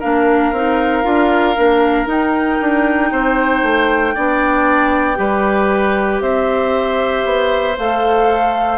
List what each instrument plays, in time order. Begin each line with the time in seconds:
0.00 bassoon A#3, clarinet D4, oboe A#4, flute F5
0.52 bassoon C4, clarinet D#4
1.03 bassoon D4, clarinet F4
1.57 bassoon A#3, clarinet D4
2.06 bassoon D#4, clarinet D#4, flute G5
2.61 bassoon D4
3.12 bassoon C4, oboe C5
3.63 bassoon A3
4.15 bassoon B3, clarinet D4, oboe D5
5.16 bassoon G3, clarinet G4, oboe B4
6.21 bassoon C4, oboe C5, flute E5
7.25 bassoon B3
7.79 bassoon A3, clarinet A4, flute F5